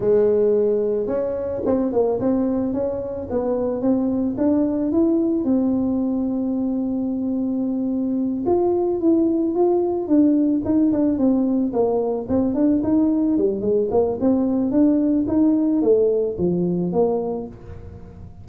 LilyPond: \new Staff \with { instrumentName = "tuba" } { \time 4/4 \tempo 4 = 110 gis2 cis'4 c'8 ais8 | c'4 cis'4 b4 c'4 | d'4 e'4 c'2~ | c'2.~ c'8 f'8~ |
f'8 e'4 f'4 d'4 dis'8 | d'8 c'4 ais4 c'8 d'8 dis'8~ | dis'8 g8 gis8 ais8 c'4 d'4 | dis'4 a4 f4 ais4 | }